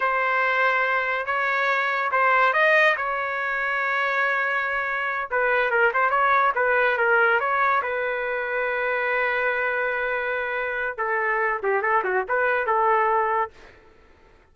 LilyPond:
\new Staff \with { instrumentName = "trumpet" } { \time 4/4 \tempo 4 = 142 c''2. cis''4~ | cis''4 c''4 dis''4 cis''4~ | cis''1~ | cis''8 b'4 ais'8 c''8 cis''4 b'8~ |
b'8 ais'4 cis''4 b'4.~ | b'1~ | b'2 a'4. g'8 | a'8 fis'8 b'4 a'2 | }